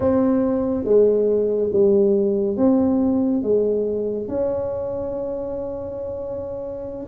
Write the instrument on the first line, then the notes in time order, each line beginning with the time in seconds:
tuba
0.00 C4
0.84 G#3
1.73 G3
2.56 C4
3.42 G#3
4.28 C#4